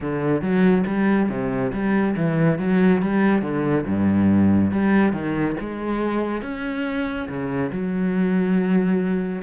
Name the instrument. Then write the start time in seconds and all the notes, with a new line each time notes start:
cello
0.00 D3
0.41 F#3
0.86 G3
1.29 C3
1.72 G3
2.16 E3
2.59 F#3
3.01 G3
3.42 D3
3.86 G2
4.71 G3
5.12 D#3
5.59 G#3
6.42 C#4
7.28 C#3
7.71 F#3